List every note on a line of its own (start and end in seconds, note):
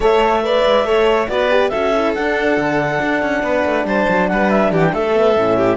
0.00 0.64 A3
0.00 0.43 A4
0.00 0.42 C#5
0.00 1.28 E5
0.43 0.85 B4
0.43 0.86 D5
0.64 0.84 G#3
0.84 1.27 A3
0.84 1.28 A4
0.84 1.29 C#5
1.28 1.71 B3
1.28 1.50 F#4
1.28 1.70 B4
1.28 1.69 D5
1.50 1.71 G4
1.69 2.16 C#4
1.69 1.93 F#4
1.69 3.42 A4
1.69 2.12 E5
1.94 2.15 E4
2.14 5.14 D4
2.14 2.57 D4
2.14 3.86 F#5
2.57 3.00 D3
3.01 3.22 D4
3.22 3.42 C#4
3.42 3.64 B3
3.42 3.86 B4
3.65 3.84 A3
3.84 4.06 G3
3.84 4.30 C5
3.84 4.28 A5
4.08 4.30 F#3
4.28 4.72 G3
4.28 4.70 B4
4.28 4.50 F#5
4.50 4.71 E5
4.70 4.93 E3
4.70 4.92 G4
4.70 4.84 F#5
4.84 4.94 G5
4.93 5.36 A3
4.93 5.57 A4
4.93 5.76 E5
5.14 5.35 B3
5.35 5.76 A2
5.35 5.76 C#4
5.57 5.76 G4